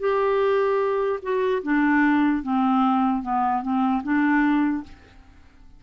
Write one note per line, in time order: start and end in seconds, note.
0.00 1.20 G4
1.23 1.63 F#4
1.63 2.43 D4
2.43 3.23 C4
3.23 3.63 B3
3.63 4.03 C4
4.04 4.84 D4